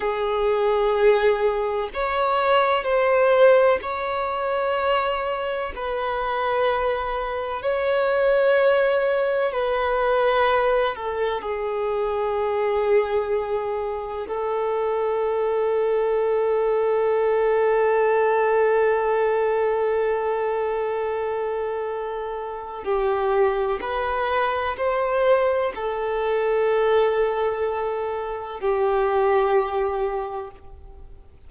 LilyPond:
\new Staff \with { instrumentName = "violin" } { \time 4/4 \tempo 4 = 63 gis'2 cis''4 c''4 | cis''2 b'2 | cis''2 b'4. a'8 | gis'2. a'4~ |
a'1~ | a'1 | g'4 b'4 c''4 a'4~ | a'2 g'2 | }